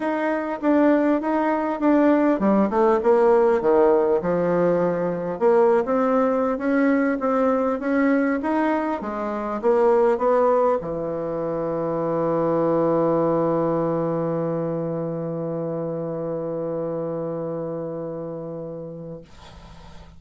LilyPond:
\new Staff \with { instrumentName = "bassoon" } { \time 4/4 \tempo 4 = 100 dis'4 d'4 dis'4 d'4 | g8 a8 ais4 dis4 f4~ | f4 ais8. c'4~ c'16 cis'4 | c'4 cis'4 dis'4 gis4 |
ais4 b4 e2~ | e1~ | e1~ | e1 | }